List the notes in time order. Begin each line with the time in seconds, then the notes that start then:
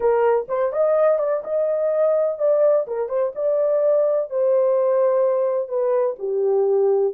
0.00 A#4
0.48 C5
0.72 D#5
1.19 D5
1.44 D#5
2.38 D5
2.87 A#4
3.08 C5
3.35 D5
4.30 C5
5.68 B4
6.18 G4